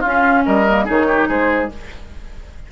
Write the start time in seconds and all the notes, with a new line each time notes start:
0.00 C#4 F4 F5
0.45 G3 A#4 D#5
0.69 A#3
0.85 D#3 D#4 G#4 C#5
1.08 G4
1.28 G#3 G#4 C5